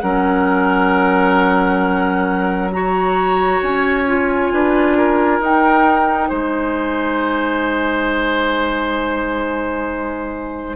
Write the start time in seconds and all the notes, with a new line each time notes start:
0.00 F#3 C#4 A#4 F#5
2.72 F#4 C#5 A#5
3.62 C#4 G#5
4.07 F4
4.52 D4 B4
4.97 A#4
5.40 D#4 G5
6.29 G#3 C5 G#5